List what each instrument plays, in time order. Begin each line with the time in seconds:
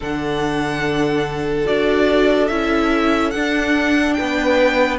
0.00 cello D3, viola D4, violin A4 F#5
1.65 cello D4, viola F#4, violin D5
2.47 cello C#4, viola E4, violin E5
3.30 viola D4, cello D4, violin F#5
4.13 violin B4 G5
4.20 cello B3